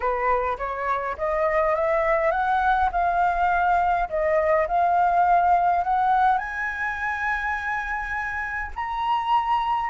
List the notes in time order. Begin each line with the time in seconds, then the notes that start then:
0.00 B4
0.58 C#5
1.17 D#5
1.75 E5
2.31 F#5
2.92 F5
4.09 D#5
4.67 F5
5.84 F#5
6.38 G#5
8.75 A#5